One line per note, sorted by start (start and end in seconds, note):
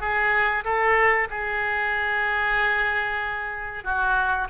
0.00 0.64 G#4
0.64 1.28 A4
1.30 3.84 G#4
3.84 4.48 F#4